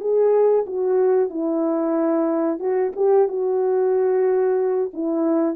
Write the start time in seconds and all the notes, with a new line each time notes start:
0.00 G#4
0.66 F#4
1.30 E4
2.59 F#4
2.96 G4
3.28 F#4
4.93 E4